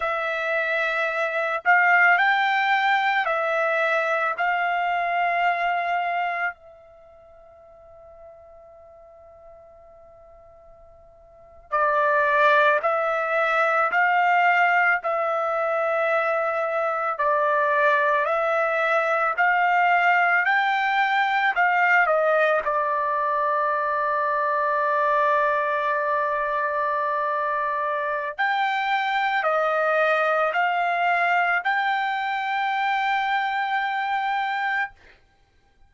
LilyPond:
\new Staff \with { instrumentName = "trumpet" } { \time 4/4 \tempo 4 = 55 e''4. f''8 g''4 e''4 | f''2 e''2~ | e''2~ e''8. d''4 e''16~ | e''8. f''4 e''2 d''16~ |
d''8. e''4 f''4 g''4 f''16~ | f''16 dis''8 d''2.~ d''16~ | d''2 g''4 dis''4 | f''4 g''2. | }